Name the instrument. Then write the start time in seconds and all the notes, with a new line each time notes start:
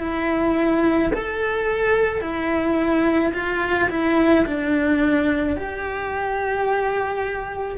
cello
0.00 E4
1.14 A4
2.21 E4
3.34 F4
3.90 E4
4.46 D4
5.57 G4